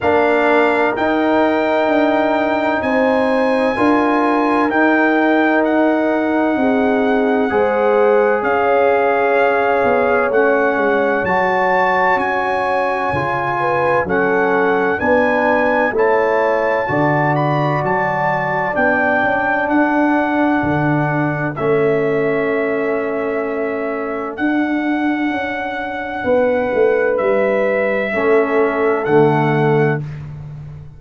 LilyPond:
<<
  \new Staff \with { instrumentName = "trumpet" } { \time 4/4 \tempo 4 = 64 f''4 g''2 gis''4~ | gis''4 g''4 fis''2~ | fis''4 f''2 fis''4 | a''4 gis''2 fis''4 |
gis''4 a''4. b''8 a''4 | g''4 fis''2 e''4~ | e''2 fis''2~ | fis''4 e''2 fis''4 | }
  \new Staff \with { instrumentName = "horn" } { \time 4/4 ais'2. c''4 | ais'2. gis'4 | c''4 cis''2.~ | cis''2~ cis''8 b'8 a'4 |
b'4 cis''4 d''2~ | d''4 a'2.~ | a'1 | b'2 a'2 | }
  \new Staff \with { instrumentName = "trombone" } { \time 4/4 d'4 dis'2. | f'4 dis'2. | gis'2. cis'4 | fis'2 f'4 cis'4 |
d'4 e'4 fis'2 | d'2. cis'4~ | cis'2 d'2~ | d'2 cis'4 a4 | }
  \new Staff \with { instrumentName = "tuba" } { \time 4/4 ais4 dis'4 d'4 c'4 | d'4 dis'2 c'4 | gis4 cis'4. b8 a8 gis8 | fis4 cis'4 cis4 fis4 |
b4 a4 d4 fis4 | b8 cis'8 d'4 d4 a4~ | a2 d'4 cis'4 | b8 a8 g4 a4 d4 | }
>>